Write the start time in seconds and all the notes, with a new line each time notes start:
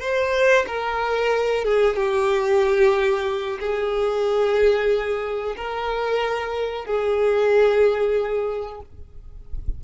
0.00 C5
0.67 A#4
1.64 G#4
1.96 G4
3.60 G#4
5.56 A#4
6.85 G#4